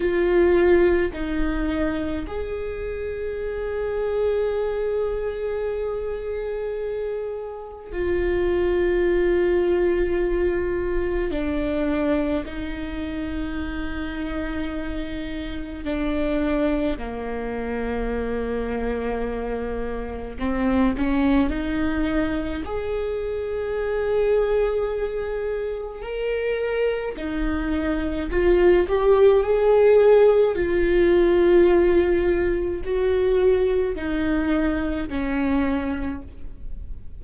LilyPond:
\new Staff \with { instrumentName = "viola" } { \time 4/4 \tempo 4 = 53 f'4 dis'4 gis'2~ | gis'2. f'4~ | f'2 d'4 dis'4~ | dis'2 d'4 ais4~ |
ais2 c'8 cis'8 dis'4 | gis'2. ais'4 | dis'4 f'8 g'8 gis'4 f'4~ | f'4 fis'4 dis'4 cis'4 | }